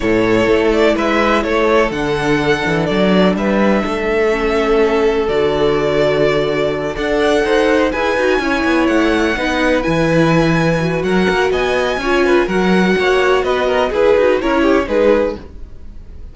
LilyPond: <<
  \new Staff \with { instrumentName = "violin" } { \time 4/4 \tempo 4 = 125 cis''4. d''8 e''4 cis''4 | fis''2 d''4 e''4~ | e''2. d''4~ | d''2~ d''8 fis''4.~ |
fis''8 gis''2 fis''4.~ | fis''8 gis''2~ gis''8 fis''4 | gis''2 fis''2 | dis''4 b'4 cis''4 b'4 | }
  \new Staff \with { instrumentName = "violin" } { \time 4/4 a'2 b'4 a'4~ | a'2. b'4 | a'1~ | a'2~ a'8 d''4 c''8~ |
c''8 b'4 cis''2 b'8~ | b'2. ais'4 | dis''4 cis''8 b'8 ais'4 cis''4 | b'8 ais'8 gis'4 ais'8 g'8 gis'4 | }
  \new Staff \with { instrumentName = "viola" } { \time 4/4 e'1 | d'1~ | d'4 cis'2 fis'4~ | fis'2~ fis'8 a'4.~ |
a'8 gis'8 fis'8 e'2 dis'8~ | dis'8 e'2 fis'4.~ | fis'4 f'4 fis'2~ | fis'4 gis'8 fis'8 e'4 dis'4 | }
  \new Staff \with { instrumentName = "cello" } { \time 4/4 a,4 a4 gis4 a4 | d4. e8 fis4 g4 | a2. d4~ | d2~ d8 d'4 dis'8~ |
dis'8 e'8 dis'8 cis'8 b8 a4 b8~ | b8 e2~ e8 fis8 ais8 | b4 cis'4 fis4 ais4 | b4 e'8 dis'8 cis'4 gis4 | }
>>